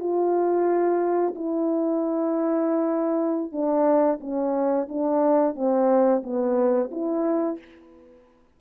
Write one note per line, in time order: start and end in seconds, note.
0.00 1.35 F4
1.36 3.52 E4
3.52 4.20 D4
4.21 4.88 C#4
4.89 5.56 D4
5.56 6.23 C4
6.23 6.91 B3
6.92 7.59 E4